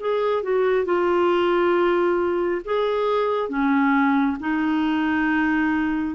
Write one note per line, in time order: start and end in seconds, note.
0.00 0.43 G#4
0.43 0.85 F#4
0.85 2.61 F4
2.65 3.49 G#4
3.49 4.37 C#4
4.40 6.15 D#4